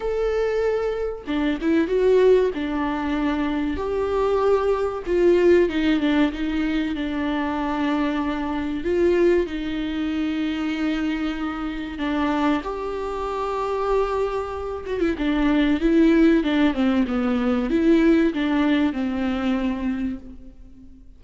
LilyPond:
\new Staff \with { instrumentName = "viola" } { \time 4/4 \tempo 4 = 95 a'2 d'8 e'8 fis'4 | d'2 g'2 | f'4 dis'8 d'8 dis'4 d'4~ | d'2 f'4 dis'4~ |
dis'2. d'4 | g'2.~ g'8 fis'16 e'16 | d'4 e'4 d'8 c'8 b4 | e'4 d'4 c'2 | }